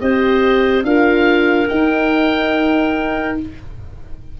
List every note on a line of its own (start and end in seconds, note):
0.00 0.83 C4
0.00 0.85 G4
0.00 0.86 C5
0.00 0.84 D#5
0.83 1.67 D4
0.83 1.68 F4
0.83 3.40 A#4
0.83 1.68 F5
1.68 3.37 D#4
1.68 3.39 D#4
1.68 3.37 G5